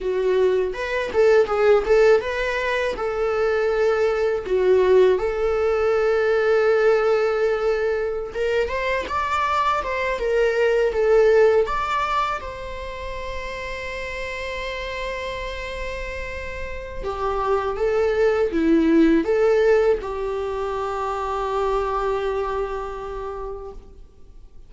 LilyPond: \new Staff \with { instrumentName = "viola" } { \time 4/4 \tempo 4 = 81 fis'4 b'8 a'8 gis'8 a'8 b'4 | a'2 fis'4 a'4~ | a'2.~ a'16 ais'8 c''16~ | c''16 d''4 c''8 ais'4 a'4 d''16~ |
d''8. c''2.~ c''16~ | c''2. g'4 | a'4 e'4 a'4 g'4~ | g'1 | }